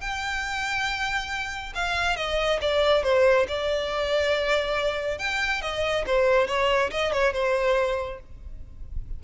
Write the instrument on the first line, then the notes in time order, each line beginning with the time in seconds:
violin
0.00 G5
1.74 F5
2.16 D#5
2.61 D5
3.03 C5
3.48 D5
5.18 G5
5.61 D#5
6.06 C5
6.47 C#5
6.91 D#5
7.12 C#5
7.33 C5